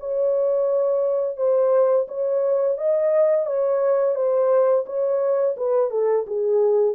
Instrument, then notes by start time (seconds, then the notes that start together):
horn
0.00 C#5
1.37 C5
2.08 C#5
2.78 D#5
3.46 C#5
4.15 C5
4.86 C#5
5.57 B4
5.91 A4
6.27 G#4